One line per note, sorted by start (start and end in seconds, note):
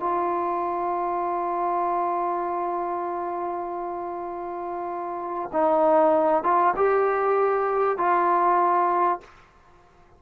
0.00 5.51 F4
5.53 6.44 D#4
6.44 6.74 F4
6.77 7.98 G4
7.98 9.20 F4